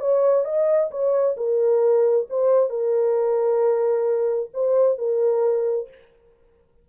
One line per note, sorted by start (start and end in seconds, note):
0.00 0.45 C#5
0.45 0.90 D#5
0.91 1.36 C#5
1.37 2.27 A#4
2.30 2.70 C5
2.70 4.50 A#4
4.54 4.98 C5
4.98 5.88 A#4